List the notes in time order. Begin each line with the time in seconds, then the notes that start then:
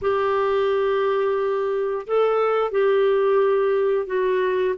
0.01 G4
2.06 A4
2.71 G4
4.06 F#4